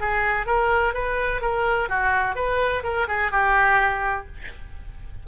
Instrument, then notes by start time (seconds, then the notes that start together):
oboe
0.00 G#4
0.46 A#4
0.94 B4
1.41 A#4
1.89 F#4
2.35 B4
2.83 A#4
3.08 G#4
3.31 G4